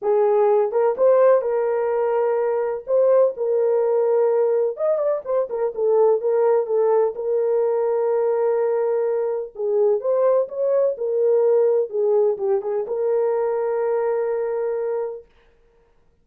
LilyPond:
\new Staff \with { instrumentName = "horn" } { \time 4/4 \tempo 4 = 126 gis'4. ais'8 c''4 ais'4~ | ais'2 c''4 ais'4~ | ais'2 dis''8 d''8 c''8 ais'8 | a'4 ais'4 a'4 ais'4~ |
ais'1 | gis'4 c''4 cis''4 ais'4~ | ais'4 gis'4 g'8 gis'8 ais'4~ | ais'1 | }